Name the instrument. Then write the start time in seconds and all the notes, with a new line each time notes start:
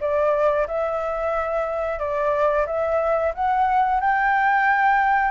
flute
0.00 D5
0.67 E5
1.99 D5
2.66 E5
3.34 F#5
4.00 G5